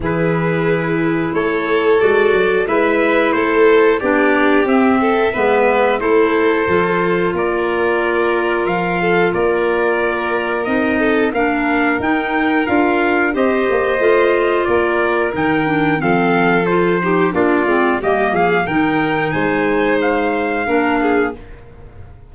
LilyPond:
<<
  \new Staff \with { instrumentName = "trumpet" } { \time 4/4 \tempo 4 = 90 b'2 cis''4 d''4 | e''4 c''4 d''4 e''4~ | e''4 c''2 d''4~ | d''4 f''4 d''2 |
dis''4 f''4 g''4 f''4 | dis''2 d''4 g''4 | f''4 c''4 d''4 dis''8 f''8 | g''4 gis''4 f''2 | }
  \new Staff \with { instrumentName = "violin" } { \time 4/4 gis'2 a'2 | b'4 a'4 g'4. a'8 | b'4 a'2 ais'4~ | ais'4. a'8 ais'2~ |
ais'8 a'8 ais'2. | c''2 ais'2 | a'4. g'8 f'4 g'8 gis'8 | ais'4 c''2 ais'8 gis'8 | }
  \new Staff \with { instrumentName = "clarinet" } { \time 4/4 e'2. fis'4 | e'2 d'4 c'4 | b4 e'4 f'2~ | f'1 |
dis'4 d'4 dis'4 f'4 | g'4 f'2 dis'8 d'8 | c'4 f'8 dis'8 d'8 c'8 ais4 | dis'2. d'4 | }
  \new Staff \with { instrumentName = "tuba" } { \time 4/4 e2 a4 gis8 fis8 | gis4 a4 b4 c'4 | gis4 a4 f4 ais4~ | ais4 f4 ais2 |
c'4 ais4 dis'4 d'4 | c'8 ais8 a4 ais4 dis4 | f2 ais8 gis8 g8 f8 | dis4 gis2 ais4 | }
>>